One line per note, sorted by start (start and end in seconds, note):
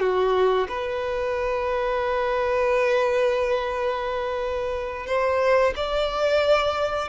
0.00 0.67 F#4
0.69 5.07 B4
5.07 5.74 C5
5.76 7.09 D5